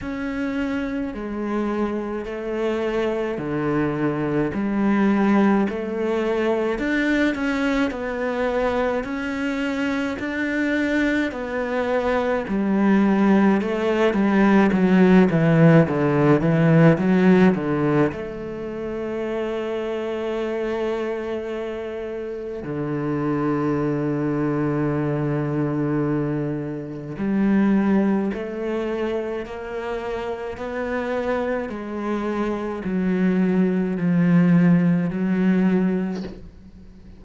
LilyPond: \new Staff \with { instrumentName = "cello" } { \time 4/4 \tempo 4 = 53 cis'4 gis4 a4 d4 | g4 a4 d'8 cis'8 b4 | cis'4 d'4 b4 g4 | a8 g8 fis8 e8 d8 e8 fis8 d8 |
a1 | d1 | g4 a4 ais4 b4 | gis4 fis4 f4 fis4 | }